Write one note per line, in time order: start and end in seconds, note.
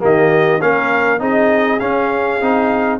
0.00 0.61 D#3
0.00 0.60 A#3
0.00 0.62 G4
0.00 0.61 D#5
0.61 1.20 A#3
0.61 1.19 C#4
0.61 1.20 A#4
0.61 1.21 F5
1.19 1.80 C4
1.19 1.79 D#4
1.19 3.00 G#4
1.19 1.79 D#5
1.79 2.41 C#4
1.79 2.99 F5
2.41 3.00 C4
2.41 3.00 D#4